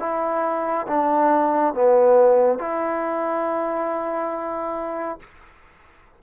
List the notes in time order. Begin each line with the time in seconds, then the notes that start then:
0.00 E4
0.87 D4
1.74 B3
2.59 E4